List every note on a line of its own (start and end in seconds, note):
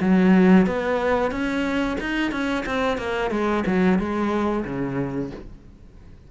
0.00 0.66 F#3
0.66 1.31 B3
1.31 1.97 C#4
2.00 2.31 D#4
2.31 2.64 C#4
2.66 2.97 C4
2.97 3.30 A#3
3.30 3.63 G#3
3.66 3.98 F#3
3.98 4.64 G#3
4.65 5.30 C#3